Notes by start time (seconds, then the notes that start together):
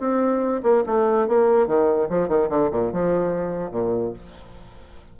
0.00 C4
0.63 A#3
0.87 A3
1.28 A#3
1.67 D#3
2.10 F3
2.29 D#3
2.50 D3
2.71 A#2
2.93 F3
3.71 A#2